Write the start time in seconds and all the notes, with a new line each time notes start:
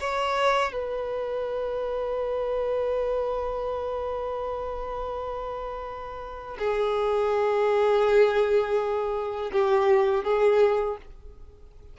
0.00 C#5
0.73 B4
6.59 G#4
9.52 G4
10.24 G#4